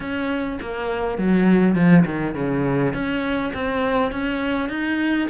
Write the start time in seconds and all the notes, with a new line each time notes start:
0.00 C#4
0.61 A#3
1.18 F#3
1.75 F3
2.05 D#3
2.34 C#3
2.93 C#4
3.53 C4
4.11 C#4
4.69 D#4